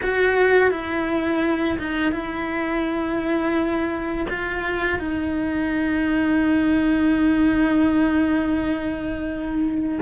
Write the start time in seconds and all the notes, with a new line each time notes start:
0.02 F#4
0.70 E4
1.79 D#4
2.12 E4
4.29 F4
4.99 D#4